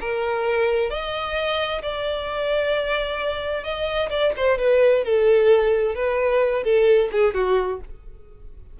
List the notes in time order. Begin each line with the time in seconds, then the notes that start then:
0.00 A#4
0.90 D#5
1.82 D5
3.63 D#5
4.09 D5
4.36 C5
4.58 B4
5.04 A4
5.95 B4
6.63 A4
7.11 G#4
7.34 F#4